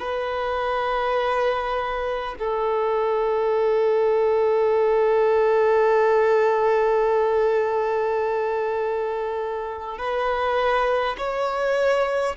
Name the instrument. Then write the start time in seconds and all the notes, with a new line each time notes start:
violin
0.00 B4
2.40 A4
9.99 B4
11.19 C#5